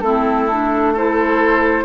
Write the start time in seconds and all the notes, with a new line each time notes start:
0.00 A3 C4 E4 A4
0.50 D4
0.93 E4 A4 C5